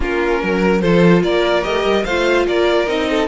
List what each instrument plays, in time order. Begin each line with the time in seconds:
0.00 cello A#3, viola C#4, violin F4 A#4
0.42 cello F#3, violin A#4
0.80 cello F3, viola F4, violin A4 C5
1.23 cello A#3, violin A#4 D5
1.63 cello A3, viola G4, violin D#5
1.84 cello G3
2.04 cello A3, viola F4, violin C5 F5
2.46 cello A#3, violin A#4 D5
2.87 cello C4, viola D#4, violin D#5
3.09 violin A4